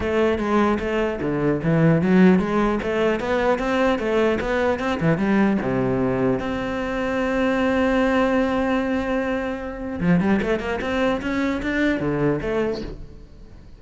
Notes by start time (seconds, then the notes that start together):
0.00 A3
0.38 G#3
0.79 A3
1.21 D3
1.63 E3
2.01 F#3
2.39 G#3
2.82 A3
3.20 B3
3.59 C4
3.98 A3
4.40 B3
4.79 C4
5.00 E3
5.17 G3
5.61 C3
6.39 C4
10.00 F3
10.20 G3
10.41 A3
10.59 A#3
10.81 C4
11.21 C#4
11.62 D4
12.00 D3
12.41 A3